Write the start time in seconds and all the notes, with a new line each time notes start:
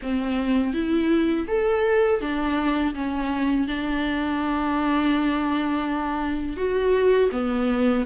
0.02 C4
0.73 E4
1.47 A4
2.21 D4
2.94 C#4
3.68 D4
6.56 F#4
7.31 B3